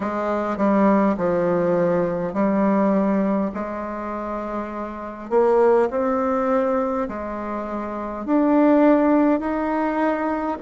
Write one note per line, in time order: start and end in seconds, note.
0.00 0.57 G#3
0.57 1.16 G3
1.17 2.33 F3
2.33 3.51 G3
3.53 5.29 G#3
5.29 5.88 A#3
5.90 7.07 C4
7.08 8.25 G#3
8.25 9.40 D4
9.40 10.57 D#4